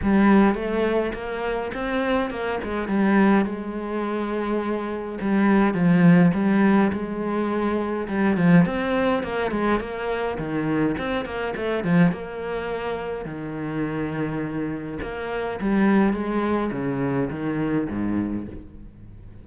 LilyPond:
\new Staff \with { instrumentName = "cello" } { \time 4/4 \tempo 4 = 104 g4 a4 ais4 c'4 | ais8 gis8 g4 gis2~ | gis4 g4 f4 g4 | gis2 g8 f8 c'4 |
ais8 gis8 ais4 dis4 c'8 ais8 | a8 f8 ais2 dis4~ | dis2 ais4 g4 | gis4 cis4 dis4 gis,4 | }